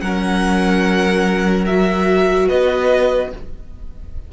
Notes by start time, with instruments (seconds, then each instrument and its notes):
0.00 cello F#3, viola C#4, violin A#4 F#5
1.66 viola F#4, violin E5
2.47 cello B3, violin B4 D#5